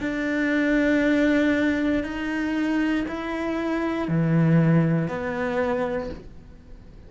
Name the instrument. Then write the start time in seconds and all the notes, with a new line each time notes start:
cello
0.00 D4
2.04 D#4
3.08 E4
4.08 E3
5.08 B3